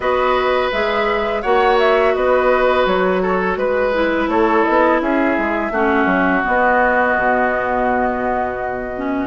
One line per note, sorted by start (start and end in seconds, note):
0.00 0.69 B3
0.00 0.72 F#4
0.00 1.42 B4
0.00 0.71 D#5
0.71 1.44 G#3
0.71 1.43 G#4
0.71 1.42 E5
1.42 2.15 A#3
1.42 3.93 F#4
1.42 2.13 C#5
1.42 1.77 F#5
1.78 2.14 E5
2.14 2.86 B3
2.14 3.22 B4
2.14 2.86 D#5
2.86 3.56 F#3
2.86 3.57 C#5
3.22 3.58 A4
3.56 4.27 G#3
3.56 4.29 B4
3.93 5.72 E4
4.27 4.62 A3
4.27 5.01 A4
4.27 4.64 C#5
4.64 5.01 B3
4.64 4.99 D#5
5.01 5.36 C#4
5.01 5.72 G#4
5.01 6.43 E5
5.38 5.70 G#3
5.70 6.05 A3
5.70 6.42 C#4
5.70 9.27 F#4
6.05 6.41 F#3
6.42 8.92 B3
6.42 7.16 B3
6.42 9.27 D#5
7.16 9.27 B2
8.96 9.27 C#4